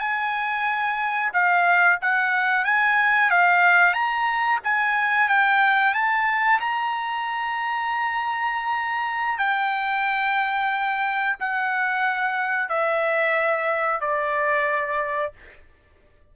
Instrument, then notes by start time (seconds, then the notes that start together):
trumpet
0.00 G#5
1.33 F5
2.01 F#5
2.65 G#5
3.30 F5
3.93 A#5
4.64 G#5
5.29 G5
5.94 A5
6.60 A#5
9.38 G5
11.40 F#5
12.69 E5
14.00 D5